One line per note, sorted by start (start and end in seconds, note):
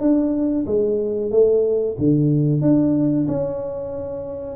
0.00 0.65 D4
0.66 1.31 G#3
1.31 1.96 A3
1.98 2.61 D3
2.61 3.26 D4
3.28 4.56 C#4